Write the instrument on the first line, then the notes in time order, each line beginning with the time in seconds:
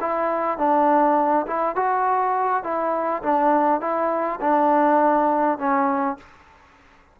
trombone
0.00 E4
0.57 D4
1.47 E4
1.75 F#4
2.63 E4
3.22 D4
3.80 E4
4.40 D4
5.58 C#4